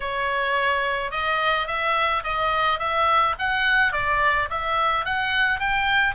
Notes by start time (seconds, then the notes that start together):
0.00 C#5
1.11 D#5
1.67 E5
2.23 D#5
2.79 E5
3.38 F#5
3.92 D5
4.50 E5
5.05 F#5
5.59 G5